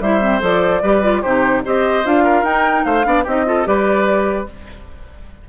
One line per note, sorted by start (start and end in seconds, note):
0.00 0.41 G3
0.00 0.20 E4
0.00 0.82 C5
0.00 0.41 E5
0.20 0.40 C4
0.40 0.82 F3
0.40 0.81 A4
0.40 1.22 D5
0.82 1.23 G3
0.82 1.03 G4
0.82 1.21 B4
1.03 1.23 F4
1.21 1.65 C3
1.21 1.64 D#4
1.21 1.62 G4
1.21 1.62 C5
1.64 2.05 C4
1.64 2.04 G4
1.64 2.23 C5
1.64 2.06 D#5
2.04 2.43 D4
2.04 2.44 F4
2.04 2.44 F5
2.23 2.84 A#4
2.43 2.83 D#4
2.43 3.03 D#4
2.43 2.84 G5
2.84 3.05 A3
2.84 3.06 C5
2.84 3.25 F5
3.03 3.25 B3
3.03 3.23 D4
3.03 3.23 D5
3.23 3.66 C4
3.23 3.46 D#4
3.23 3.44 G4
3.23 3.66 D#5
3.46 3.65 F4
3.46 3.68 A4
3.65 4.47 G3
3.65 4.46 G4
3.65 4.49 B4
3.65 4.47 D5